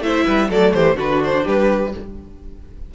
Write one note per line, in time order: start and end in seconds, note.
0.00 0.24 A3
0.00 0.50 E4
0.00 0.24 C5
0.00 0.50 E5
0.24 0.50 G3
0.24 0.48 B4
0.49 0.74 F#3
0.49 0.96 A3
0.49 0.73 A4
0.49 0.73 D5
0.73 0.94 E3
0.73 0.96 G4
0.73 0.97 C5
0.94 1.42 D3
0.94 1.91 D4
0.94 1.43 F#4
0.94 1.23 B4
1.23 1.47 C5
1.43 1.94 G3
1.43 1.91 G4
1.43 1.94 B4